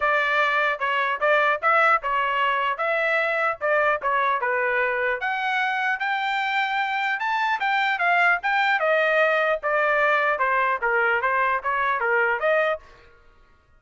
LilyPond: \new Staff \with { instrumentName = "trumpet" } { \time 4/4 \tempo 4 = 150 d''2 cis''4 d''4 | e''4 cis''2 e''4~ | e''4 d''4 cis''4 b'4~ | b'4 fis''2 g''4~ |
g''2 a''4 g''4 | f''4 g''4 dis''2 | d''2 c''4 ais'4 | c''4 cis''4 ais'4 dis''4 | }